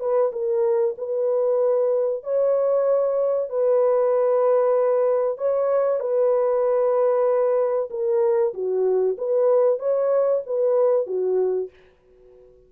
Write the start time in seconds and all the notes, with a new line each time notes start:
0.00 B4
0.32 A#4
0.98 B4
2.23 C#5
3.49 B4
5.38 C#5
6.00 B4
7.90 A#4
8.53 F#4
9.18 B4
9.79 C#5
10.46 B4
11.07 F#4